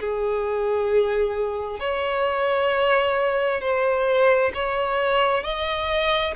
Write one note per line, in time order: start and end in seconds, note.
0.00 1.80 G#4
1.80 3.61 C#5
3.61 4.52 C5
4.55 5.44 C#5
5.44 6.35 D#5